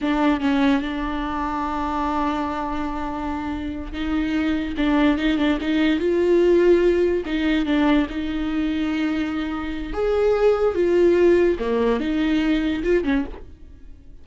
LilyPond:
\new Staff \with { instrumentName = "viola" } { \time 4/4 \tempo 4 = 145 d'4 cis'4 d'2~ | d'1~ | d'4. dis'2 d'8~ | d'8 dis'8 d'8 dis'4 f'4.~ |
f'4. dis'4 d'4 dis'8~ | dis'1 | gis'2 f'2 | ais4 dis'2 f'8 cis'8 | }